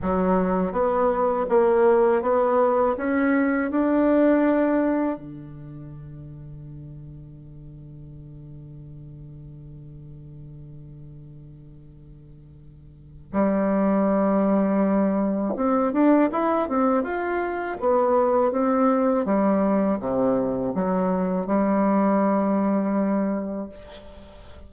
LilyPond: \new Staff \with { instrumentName = "bassoon" } { \time 4/4 \tempo 4 = 81 fis4 b4 ais4 b4 | cis'4 d'2 d4~ | d1~ | d1~ |
d2 g2~ | g4 c'8 d'8 e'8 c'8 f'4 | b4 c'4 g4 c4 | fis4 g2. | }